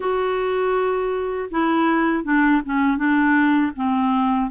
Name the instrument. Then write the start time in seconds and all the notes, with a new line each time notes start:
clarinet
0.00 F#4
1.50 E4
2.24 D4
2.65 C#4
2.97 D4
3.75 C4